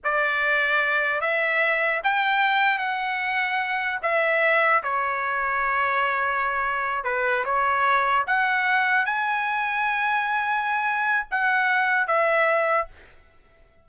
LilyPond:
\new Staff \with { instrumentName = "trumpet" } { \time 4/4 \tempo 4 = 149 d''2. e''4~ | e''4 g''2 fis''4~ | fis''2 e''2 | cis''1~ |
cis''4. b'4 cis''4.~ | cis''8 fis''2 gis''4.~ | gis''1 | fis''2 e''2 | }